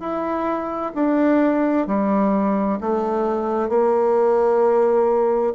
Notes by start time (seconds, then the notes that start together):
0.00 E4
0.95 D4
1.87 G3
2.81 A3
3.69 A#3